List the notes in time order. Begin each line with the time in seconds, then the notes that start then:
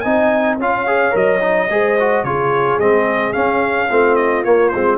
0.00 C4 D#4 D#5 G#5
0.58 C#4 F4 C#5 F5
0.87 G#4
1.11 F#3 A#4 D#5
1.40 D#4
1.70 G#3 G#4 C5
2.00 F#4
2.24 C#3 F4 G#4 C#5
2.78 G#3 C4 D#5
3.33 C#4 F5
3.89 A3 C4 F4
4.16 D#5
4.44 A#3 C#5
4.69 G#3 C5
4.75 C4